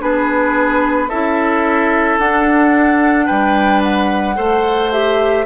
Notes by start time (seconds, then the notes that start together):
0.00 B3 D4 G#4 B4
1.09 C#4 E4 A4 E5
2.19 D4 F#5
3.26 G3 B4 G5
3.83 F#5
4.36 A3 A4 C5
4.92 G4 E5